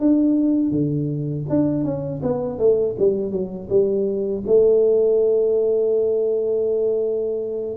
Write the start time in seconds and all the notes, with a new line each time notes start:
0.00 D4
0.71 D3
1.50 D4
1.85 C#4
2.23 B3
2.59 A3
2.99 G3
3.32 F#3
3.69 G3
4.47 A3